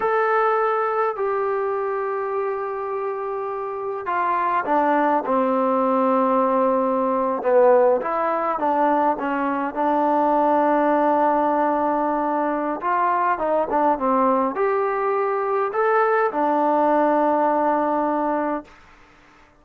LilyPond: \new Staff \with { instrumentName = "trombone" } { \time 4/4 \tempo 4 = 103 a'2 g'2~ | g'2. f'4 | d'4 c'2.~ | c'8. b4 e'4 d'4 cis'16~ |
cis'8. d'2.~ d'16~ | d'2 f'4 dis'8 d'8 | c'4 g'2 a'4 | d'1 | }